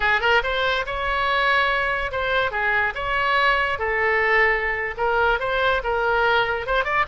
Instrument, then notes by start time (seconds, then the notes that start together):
oboe
0.00 G#4
0.20 A#4
0.43 C5
0.86 C#5
2.11 C5
2.51 G#4
2.94 C#5
3.78 A4
4.97 A#4
5.39 C5
5.83 A#4
6.66 C5
6.84 D5